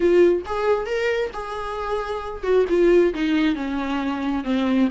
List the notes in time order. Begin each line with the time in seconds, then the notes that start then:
0.00 F4
0.45 G#4
0.86 A#4
1.33 G#4
2.43 F#4
2.69 F4
3.14 D#4
3.55 C#4
4.44 C4